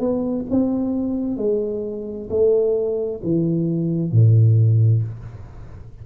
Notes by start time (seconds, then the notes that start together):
0.00 B3
0.50 C4
1.38 G#3
2.30 A3
3.24 E3
4.12 A2